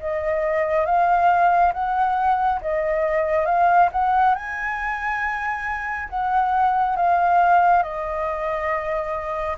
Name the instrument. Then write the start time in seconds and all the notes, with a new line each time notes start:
flute
0.00 D#5
0.86 F5
1.74 F#5
2.62 D#5
3.46 F5
3.92 F#5
4.35 G#5
6.09 F#5
6.96 F5
7.83 D#5